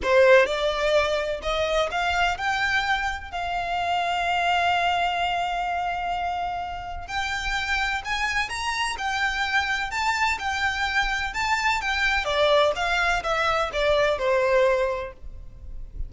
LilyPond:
\new Staff \with { instrumentName = "violin" } { \time 4/4 \tempo 4 = 127 c''4 d''2 dis''4 | f''4 g''2 f''4~ | f''1~ | f''2. g''4~ |
g''4 gis''4 ais''4 g''4~ | g''4 a''4 g''2 | a''4 g''4 d''4 f''4 | e''4 d''4 c''2 | }